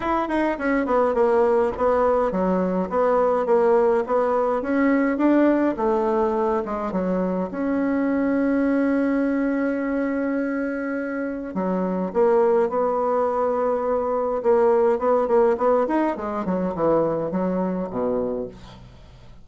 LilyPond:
\new Staff \with { instrumentName = "bassoon" } { \time 4/4 \tempo 4 = 104 e'8 dis'8 cis'8 b8 ais4 b4 | fis4 b4 ais4 b4 | cis'4 d'4 a4. gis8 | fis4 cis'2.~ |
cis'1 | fis4 ais4 b2~ | b4 ais4 b8 ais8 b8 dis'8 | gis8 fis8 e4 fis4 b,4 | }